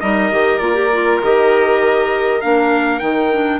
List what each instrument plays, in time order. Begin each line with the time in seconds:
0.00 bassoon G3, clarinet D#4, violin A#4, trumpet D#5
0.31 bassoon D#3, clarinet G4
0.58 bassoon A#3, clarinet F4, trumpet D5
0.74 clarinet G4
0.92 clarinet F4
1.22 bassoon D#3, clarinet G4, trumpet D#5
2.41 bassoon A#3, clarinet D4, trumpet F5
2.99 bassoon D#3, clarinet D#4, trumpet G5
3.32 clarinet D4